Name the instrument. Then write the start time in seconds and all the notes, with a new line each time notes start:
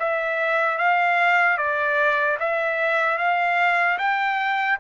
trumpet
0.00 E5
0.79 F5
1.58 D5
2.40 E5
3.19 F5
3.99 G5